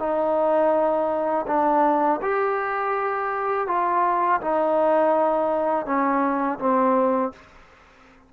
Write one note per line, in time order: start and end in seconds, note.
0.00 1.46 D#4
1.48 2.21 D4
2.23 3.68 G4
3.68 4.41 F4
4.41 5.86 D#4
5.86 6.59 C#4
6.60 7.33 C4